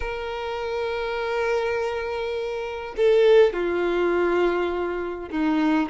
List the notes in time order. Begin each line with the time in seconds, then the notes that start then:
0.00 A#4
2.96 A4
3.53 F4
5.30 D#4